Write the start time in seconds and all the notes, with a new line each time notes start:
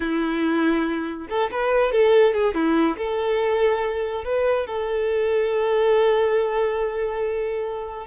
0.00 E4
1.29 A4
1.51 B4
1.92 A4
2.33 G#4
2.54 E4
2.97 A4
4.24 B4
4.66 A4